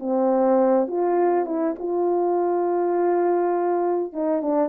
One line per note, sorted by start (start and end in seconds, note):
0.00 0.88 C4
0.88 1.46 F4
1.46 1.75 E4
1.79 4.13 F4
4.13 4.42 D#4
4.42 4.69 D4